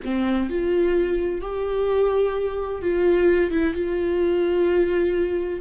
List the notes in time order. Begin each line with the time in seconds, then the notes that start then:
0.04 C4
0.49 F4
1.41 G4
2.82 F4
3.50 E4
3.74 F4